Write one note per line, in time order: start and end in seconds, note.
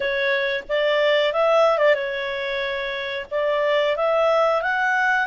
0.00 0.63 C#5
0.68 1.32 D5
1.32 1.78 E5
1.78 1.94 D5
1.94 3.26 C#5
3.31 3.96 D5
3.96 4.62 E5
4.62 5.27 F#5